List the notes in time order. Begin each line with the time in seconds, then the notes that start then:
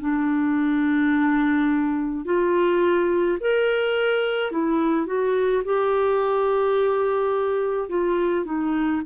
0.00 D4
2.25 F4
3.41 A#4
4.52 E4
5.06 F#4
5.65 G4
7.89 F4
8.45 D#4